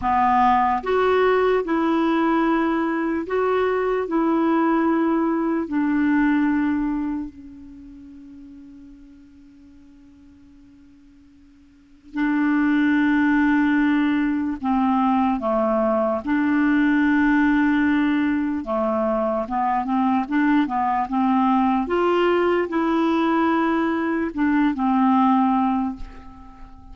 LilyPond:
\new Staff \with { instrumentName = "clarinet" } { \time 4/4 \tempo 4 = 74 b4 fis'4 e'2 | fis'4 e'2 d'4~ | d'4 cis'2.~ | cis'2. d'4~ |
d'2 c'4 a4 | d'2. a4 | b8 c'8 d'8 b8 c'4 f'4 | e'2 d'8 c'4. | }